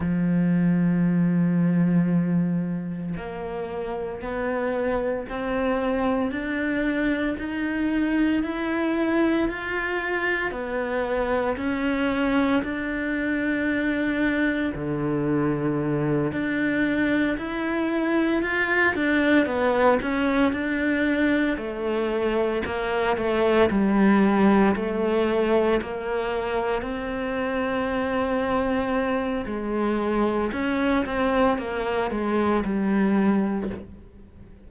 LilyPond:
\new Staff \with { instrumentName = "cello" } { \time 4/4 \tempo 4 = 57 f2. ais4 | b4 c'4 d'4 dis'4 | e'4 f'4 b4 cis'4 | d'2 d4. d'8~ |
d'8 e'4 f'8 d'8 b8 cis'8 d'8~ | d'8 a4 ais8 a8 g4 a8~ | a8 ais4 c'2~ c'8 | gis4 cis'8 c'8 ais8 gis8 g4 | }